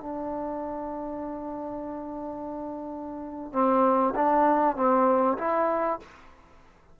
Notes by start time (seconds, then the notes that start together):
0.00 D4
3.52 C4
4.15 D4
4.76 C4
5.38 E4